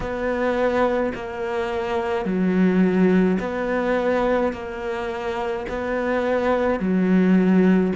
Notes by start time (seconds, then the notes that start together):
0.00 B3
1.14 A#3
2.25 F#3
3.39 B3
4.52 A#3
5.69 B3
6.79 F#3